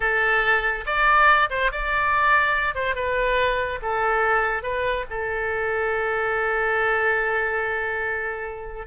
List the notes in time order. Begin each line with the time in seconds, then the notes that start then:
0.00 A4
0.85 D5
1.50 C5
1.71 D5
2.74 C5
2.95 B4
3.81 A4
4.62 B4
5.10 A4